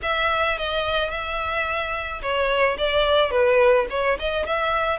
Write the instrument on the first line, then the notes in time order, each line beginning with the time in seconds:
violin
0.02 E5
0.58 D#5
1.10 E5
2.21 C#5
2.78 D5
3.31 B4
3.90 C#5
4.19 D#5
4.45 E5